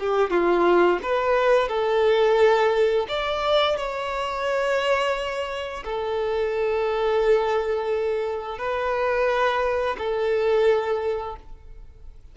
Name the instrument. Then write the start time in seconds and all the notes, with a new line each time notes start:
violin
0.00 G4
0.31 F4
1.03 B4
1.69 A4
3.09 D5
3.77 C#5
5.85 A4
8.59 B4
9.98 A4